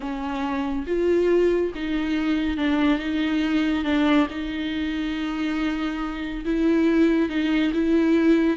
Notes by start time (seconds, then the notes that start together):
0.00 C#4
0.86 F4
1.74 D#4
2.57 D4
2.98 D#4
3.84 D4
4.30 D#4
6.44 E4
7.29 D#4
7.73 E4